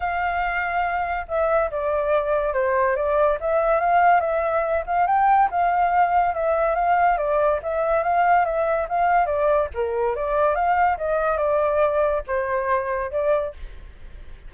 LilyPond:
\new Staff \with { instrumentName = "flute" } { \time 4/4 \tempo 4 = 142 f''2. e''4 | d''2 c''4 d''4 | e''4 f''4 e''4. f''8 | g''4 f''2 e''4 |
f''4 d''4 e''4 f''4 | e''4 f''4 d''4 ais'4 | d''4 f''4 dis''4 d''4~ | d''4 c''2 d''4 | }